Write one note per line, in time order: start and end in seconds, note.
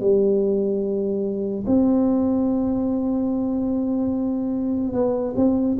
0.00 1.64 G3
1.66 4.93 C4
4.93 5.34 B3
5.36 5.77 C4